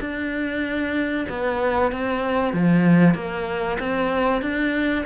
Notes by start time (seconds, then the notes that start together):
0.00 D4
1.29 B3
1.91 C4
2.53 F3
3.14 A#3
3.79 C4
4.42 D4